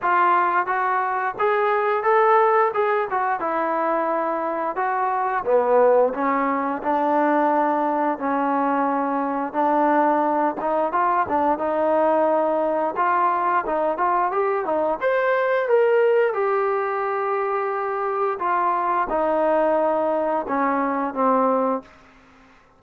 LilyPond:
\new Staff \with { instrumentName = "trombone" } { \time 4/4 \tempo 4 = 88 f'4 fis'4 gis'4 a'4 | gis'8 fis'8 e'2 fis'4 | b4 cis'4 d'2 | cis'2 d'4. dis'8 |
f'8 d'8 dis'2 f'4 | dis'8 f'8 g'8 dis'8 c''4 ais'4 | g'2. f'4 | dis'2 cis'4 c'4 | }